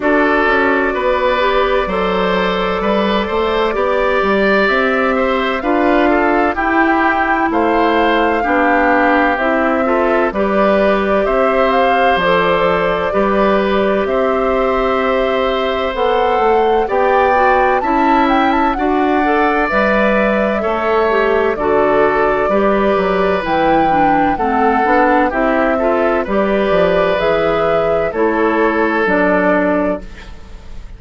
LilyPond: <<
  \new Staff \with { instrumentName = "flute" } { \time 4/4 \tempo 4 = 64 d''1~ | d''4 e''4 f''4 g''4 | f''2 e''4 d''4 | e''8 f''8 d''2 e''4~ |
e''4 fis''4 g''4 a''8 g''16 a''16 | fis''4 e''2 d''4~ | d''4 g''4 fis''4 e''4 | d''4 e''4 cis''4 d''4 | }
  \new Staff \with { instrumentName = "oboe" } { \time 4/4 a'4 b'4 c''4 b'8 c''8 | d''4. c''8 b'8 a'8 g'4 | c''4 g'4. a'8 b'4 | c''2 b'4 c''4~ |
c''2 d''4 e''4 | d''2 cis''4 a'4 | b'2 a'4 g'8 a'8 | b'2 a'2 | }
  \new Staff \with { instrumentName = "clarinet" } { \time 4/4 fis'4. g'8 a'2 | g'2 f'4 e'4~ | e'4 d'4 e'8 f'8 g'4~ | g'4 a'4 g'2~ |
g'4 a'4 g'8 fis'8 e'4 | fis'8 a'8 b'4 a'8 g'8 fis'4 | g'4 e'8 d'8 c'8 d'8 e'8 f'8 | g'4 gis'4 e'4 d'4 | }
  \new Staff \with { instrumentName = "bassoon" } { \time 4/4 d'8 cis'8 b4 fis4 g8 a8 | b8 g8 c'4 d'4 e'4 | a4 b4 c'4 g4 | c'4 f4 g4 c'4~ |
c'4 b8 a8 b4 cis'4 | d'4 g4 a4 d4 | g8 fis8 e4 a8 b8 c'4 | g8 f8 e4 a4 fis4 | }
>>